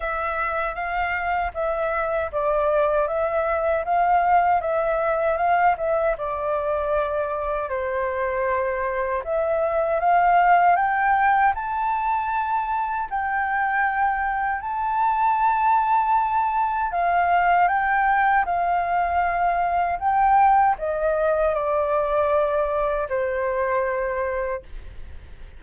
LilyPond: \new Staff \with { instrumentName = "flute" } { \time 4/4 \tempo 4 = 78 e''4 f''4 e''4 d''4 | e''4 f''4 e''4 f''8 e''8 | d''2 c''2 | e''4 f''4 g''4 a''4~ |
a''4 g''2 a''4~ | a''2 f''4 g''4 | f''2 g''4 dis''4 | d''2 c''2 | }